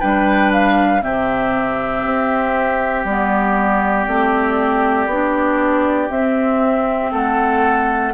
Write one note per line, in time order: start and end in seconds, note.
0.00 1.04 G3
0.00 1.02 D4
0.00 1.02 B4
0.00 0.52 G5
0.53 1.03 F5
1.02 2.05 C3
1.02 3.05 C4
1.02 7.12 G4
1.02 3.06 E5
2.05 3.05 C4
3.05 4.07 G3
3.05 4.08 B3
3.05 6.10 D5
4.08 5.07 A3
4.08 5.10 C4
5.07 6.09 B3
5.07 6.10 D4
6.10 8.13 C4
6.10 7.13 C4
6.10 7.12 E5
7.12 8.14 A3
7.12 8.13 A4
7.12 8.14 F#5